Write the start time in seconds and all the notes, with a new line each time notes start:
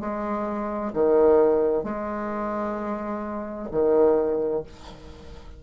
0.00 G#3
0.93 D#3
1.84 G#3
3.71 D#3